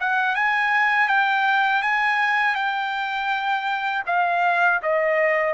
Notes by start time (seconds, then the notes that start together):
0.00 F#5
0.35 G#5
1.08 G5
1.82 G#5
2.55 G5
4.06 F5
4.82 D#5